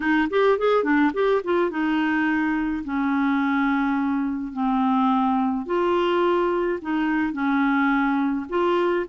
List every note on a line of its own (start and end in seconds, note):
0.00 0.28 D#4
0.30 0.58 G4
0.58 0.83 G#4
0.83 1.11 D4
1.13 1.42 G4
1.44 1.70 F4
1.70 2.83 D#4
2.84 4.52 C#4
4.52 5.66 C4
5.66 6.79 F4
6.81 7.33 D#4
7.33 8.46 C#4
8.49 9.06 F4